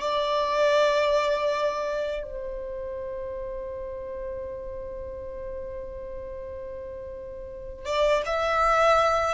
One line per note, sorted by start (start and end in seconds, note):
0.00 2.23 D5
2.23 7.85 C5
7.85 8.23 D5
8.26 9.34 E5